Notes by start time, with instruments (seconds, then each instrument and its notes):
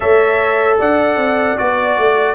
0.00 tuba A3, trombone A4, horn C#5, trumpet E5
0.78 tuba D4, horn D5, trumpet F#5
1.16 tuba C4
1.57 tuba B3, trombone F#4, trumpet D5
1.98 tuba A3